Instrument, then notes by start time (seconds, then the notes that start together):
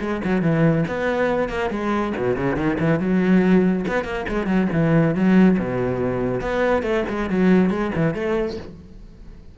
cello
0.00 G#3
0.24 F#3
0.42 E3
0.88 B3
1.49 A#3
1.70 G#3
2.17 B2
2.36 C#3
2.56 D#3
2.79 E3
2.99 F#3
3.88 B3
4.04 A#3
4.29 G#3
4.46 F#3
4.73 E3
5.15 F#3
5.59 B2
6.41 B3
6.82 A3
7.09 G#3
7.30 F#3
7.70 G#3
7.95 E3
8.14 A3